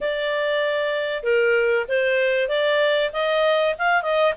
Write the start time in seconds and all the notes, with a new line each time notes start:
0.00 D5
1.23 A#4
1.88 C5
2.48 D5
3.12 D#5
3.78 F5
4.02 D#5